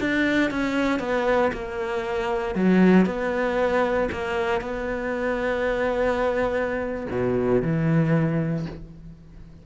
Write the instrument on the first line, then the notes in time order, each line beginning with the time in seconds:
cello
0.00 D4
0.51 C#4
0.99 B3
1.52 A#3
2.55 F#3
3.06 B3
4.12 A#3
4.61 B3
7.11 B2
7.62 E3